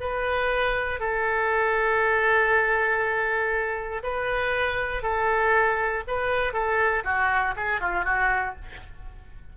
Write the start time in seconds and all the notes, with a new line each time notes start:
0.00 B4
1.00 A4
4.03 B4
5.02 A4
6.07 B4
6.53 A4
7.04 F#4
7.56 G#4
7.80 F4
8.04 F#4